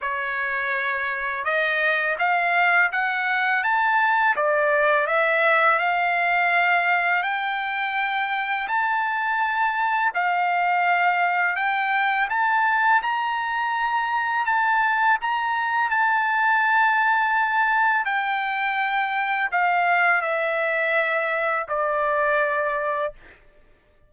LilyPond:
\new Staff \with { instrumentName = "trumpet" } { \time 4/4 \tempo 4 = 83 cis''2 dis''4 f''4 | fis''4 a''4 d''4 e''4 | f''2 g''2 | a''2 f''2 |
g''4 a''4 ais''2 | a''4 ais''4 a''2~ | a''4 g''2 f''4 | e''2 d''2 | }